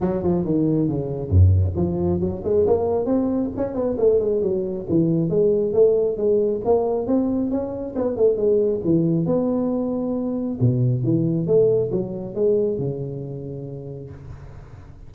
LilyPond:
\new Staff \with { instrumentName = "tuba" } { \time 4/4 \tempo 4 = 136 fis8 f8 dis4 cis4 fis,4 | f4 fis8 gis8 ais4 c'4 | cis'8 b8 a8 gis8 fis4 e4 | gis4 a4 gis4 ais4 |
c'4 cis'4 b8 a8 gis4 | e4 b2. | b,4 e4 a4 fis4 | gis4 cis2. | }